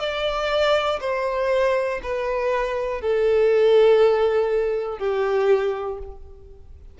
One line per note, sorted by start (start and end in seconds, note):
0.00 1.00 D5
1.00 2.00 C5
2.03 3.01 B4
3.01 4.99 A4
4.99 5.99 G4